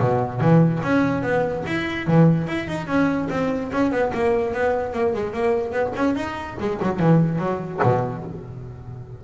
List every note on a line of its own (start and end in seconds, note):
0.00 0.41 B2
0.41 0.82 E3
0.83 1.23 C#4
1.23 1.64 B3
1.66 2.07 E4
2.07 2.47 E3
2.47 2.68 E4
2.68 2.87 D#4
2.87 3.28 C#4
3.30 3.71 C4
3.72 3.91 C#4
3.91 4.12 B3
4.14 4.54 A#3
4.54 4.93 B3
4.93 5.14 A#3
5.14 5.34 G#3
5.34 5.72 A#3
5.72 5.93 B3
5.96 6.16 C#4
6.16 6.57 D#4
6.60 6.81 G#3
6.82 6.99 F#3
6.99 7.39 E3
7.39 7.80 F#3
7.83 8.24 B2